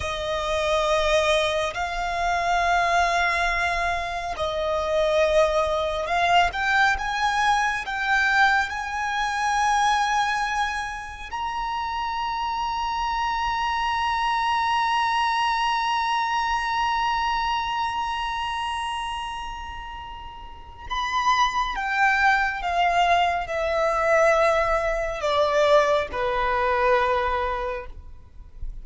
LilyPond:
\new Staff \with { instrumentName = "violin" } { \time 4/4 \tempo 4 = 69 dis''2 f''2~ | f''4 dis''2 f''8 g''8 | gis''4 g''4 gis''2~ | gis''4 ais''2.~ |
ais''1~ | ais''1 | b''4 g''4 f''4 e''4~ | e''4 d''4 b'2 | }